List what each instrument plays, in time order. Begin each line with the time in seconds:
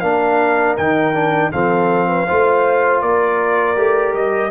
0.00 tuba A#3, trombone D4, horn A#4, trumpet F5
0.77 tuba D#3, trombone D#4, trumpet G5
1.14 trombone D4
1.52 tuba F3, trombone C4, horn A4, trumpet F5
2.08 horn B4
2.27 tuba A3, trombone F4, horn C5
3.02 tuba A#3, horn A#4, trumpet D5
3.76 tuba A3, trombone G4
4.14 tuba G3, trumpet D#5